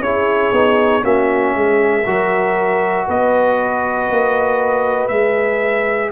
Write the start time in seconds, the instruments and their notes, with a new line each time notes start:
0.00 tuba C#4, trombone E4, horn G#4, trumpet C#5
0.52 tuba B3, trombone D#4
1.02 tuba A#3, trombone C#4, horn F#4, trumpet E5
1.55 tuba G#3, horn G#4
2.04 tuba F#3, trombone F#4, horn A#4
3.08 tuba B3, horn B4, trumpet D#5
4.11 tuba A#3
5.08 tuba G#3, trombone G#4, trumpet E5